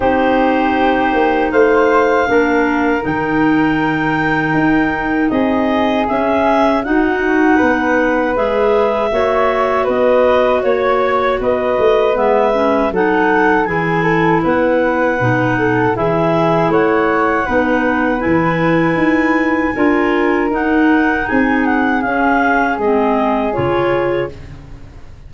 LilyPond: <<
  \new Staff \with { instrumentName = "clarinet" } { \time 4/4 \tempo 4 = 79 c''2 f''2 | g''2. dis''4 | e''4 fis''2 e''4~ | e''4 dis''4 cis''4 dis''4 |
e''4 fis''4 gis''4 fis''4~ | fis''4 e''4 fis''2 | gis''2. fis''4 | gis''8 fis''8 f''4 dis''4 cis''4 | }
  \new Staff \with { instrumentName = "flute" } { \time 4/4 g'2 c''4 ais'4~ | ais'2. gis'4~ | gis'4 fis'4 b'2 | cis''4 b'4 cis''4 b'4~ |
b'4 a'4 gis'8 a'8 b'4~ | b'8 a'8 gis'4 cis''4 b'4~ | b'2 ais'2 | gis'1 | }
  \new Staff \with { instrumentName = "clarinet" } { \time 4/4 dis'2. d'4 | dis'1 | cis'4 dis'2 gis'4 | fis'1 |
b8 cis'8 dis'4 e'2 | dis'4 e'2 dis'4 | e'2 f'4 dis'4~ | dis'4 cis'4 c'4 f'4 | }
  \new Staff \with { instrumentName = "tuba" } { \time 4/4 c'4. ais8 a4 ais4 | dis2 dis'4 c'4 | cis'4 dis'4 b4 gis4 | ais4 b4 ais4 b8 a8 |
gis4 fis4 e4 b4 | b,4 e4 a4 b4 | e4 dis'4 d'4 dis'4 | c'4 cis'4 gis4 cis4 | }
>>